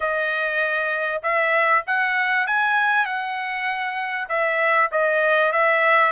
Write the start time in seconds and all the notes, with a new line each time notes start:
0.00 D#5
1.22 E5
1.86 F#5
2.46 G#5
3.05 F#5
4.29 E5
4.91 D#5
5.52 E5